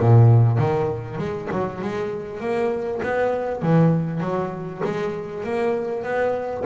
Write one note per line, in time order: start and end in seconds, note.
0.00 0.59 A#2
0.59 1.19 D#3
1.19 1.49 G#3
1.52 1.82 F#3
1.82 2.41 G#3
2.41 3.01 A#3
3.03 3.63 B3
3.63 4.21 E3
4.21 4.82 F#3
4.85 5.44 G#3
5.44 6.04 A#3
6.04 6.64 B3